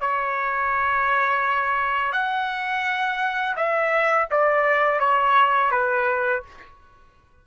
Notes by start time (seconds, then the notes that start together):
0.00 C#5
2.12 F#5
3.56 E5
4.31 D5
4.99 C#5
5.71 B4